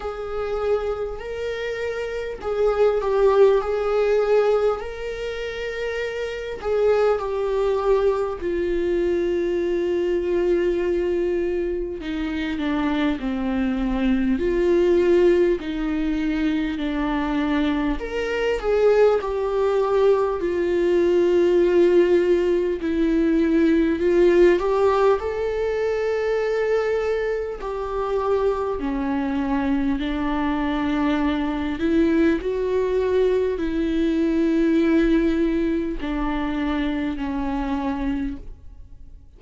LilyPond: \new Staff \with { instrumentName = "viola" } { \time 4/4 \tempo 4 = 50 gis'4 ais'4 gis'8 g'8 gis'4 | ais'4. gis'8 g'4 f'4~ | f'2 dis'8 d'8 c'4 | f'4 dis'4 d'4 ais'8 gis'8 |
g'4 f'2 e'4 | f'8 g'8 a'2 g'4 | cis'4 d'4. e'8 fis'4 | e'2 d'4 cis'4 | }